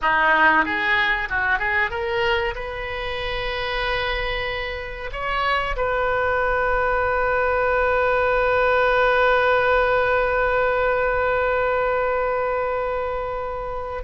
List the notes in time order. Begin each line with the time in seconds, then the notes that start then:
0.01 D#4
0.65 G#4
1.29 F#4
1.58 G#4
1.90 A#4
2.55 B4
5.12 C#5
5.76 B4